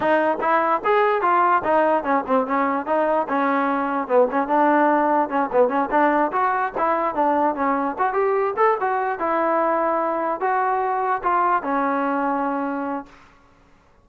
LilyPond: \new Staff \with { instrumentName = "trombone" } { \time 4/4 \tempo 4 = 147 dis'4 e'4 gis'4 f'4 | dis'4 cis'8 c'8 cis'4 dis'4 | cis'2 b8 cis'8 d'4~ | d'4 cis'8 b8 cis'8 d'4 fis'8~ |
fis'8 e'4 d'4 cis'4 fis'8 | g'4 a'8 fis'4 e'4.~ | e'4. fis'2 f'8~ | f'8 cis'2.~ cis'8 | }